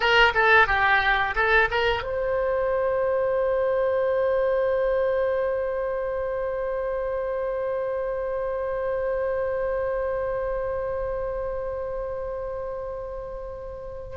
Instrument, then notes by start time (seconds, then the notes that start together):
oboe
0.00 A#4
0.34 A4
0.67 G4
1.35 A4
1.70 A#4
2.03 C5